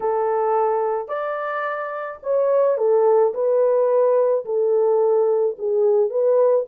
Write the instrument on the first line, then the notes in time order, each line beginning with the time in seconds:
horn
0.00 A4
1.08 D5
2.22 C#5
2.77 A4
3.33 B4
4.45 A4
5.58 G#4
6.10 B4